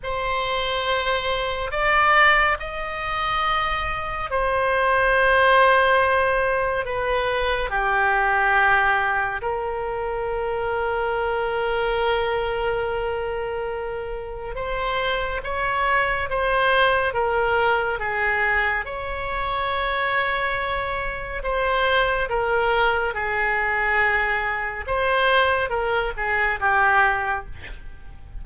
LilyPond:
\new Staff \with { instrumentName = "oboe" } { \time 4/4 \tempo 4 = 70 c''2 d''4 dis''4~ | dis''4 c''2. | b'4 g'2 ais'4~ | ais'1~ |
ais'4 c''4 cis''4 c''4 | ais'4 gis'4 cis''2~ | cis''4 c''4 ais'4 gis'4~ | gis'4 c''4 ais'8 gis'8 g'4 | }